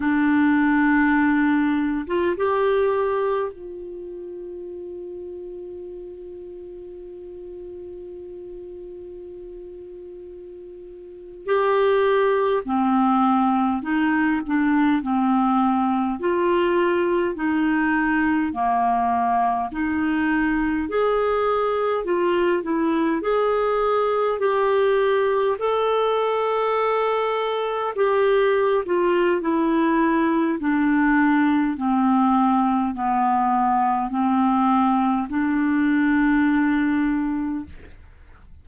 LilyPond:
\new Staff \with { instrumentName = "clarinet" } { \time 4/4 \tempo 4 = 51 d'4.~ d'16 f'16 g'4 f'4~ | f'1~ | f'4.~ f'16 g'4 c'4 dis'16~ | dis'16 d'8 c'4 f'4 dis'4 ais16~ |
ais8. dis'4 gis'4 f'8 e'8 gis'16~ | gis'8. g'4 a'2 g'16~ | g'8 f'8 e'4 d'4 c'4 | b4 c'4 d'2 | }